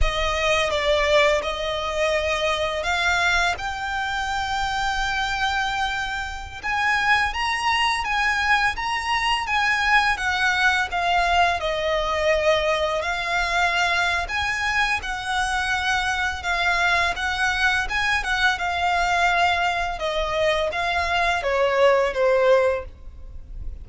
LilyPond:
\new Staff \with { instrumentName = "violin" } { \time 4/4 \tempo 4 = 84 dis''4 d''4 dis''2 | f''4 g''2.~ | g''4~ g''16 gis''4 ais''4 gis''8.~ | gis''16 ais''4 gis''4 fis''4 f''8.~ |
f''16 dis''2 f''4.~ f''16 | gis''4 fis''2 f''4 | fis''4 gis''8 fis''8 f''2 | dis''4 f''4 cis''4 c''4 | }